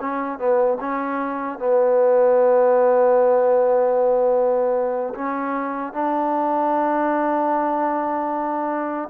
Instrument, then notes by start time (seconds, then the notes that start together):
trombone
0.00 C#4
0.38 B3
0.80 C#4
1.58 B3
5.14 C#4
5.93 D4